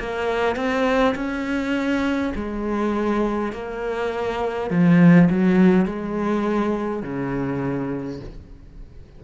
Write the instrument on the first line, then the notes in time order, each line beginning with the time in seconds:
cello
0.00 A#3
0.56 C4
1.16 C#4
2.35 G#3
3.53 A#3
4.71 F3
5.30 F#3
5.86 G#3
7.03 C#3